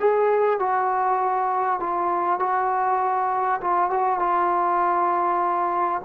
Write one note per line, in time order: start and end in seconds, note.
0.00 0.60 G#4
0.60 1.80 F#4
1.80 2.39 F4
2.39 3.60 F#4
3.61 3.90 F4
3.90 4.19 F#4
4.19 6.01 F4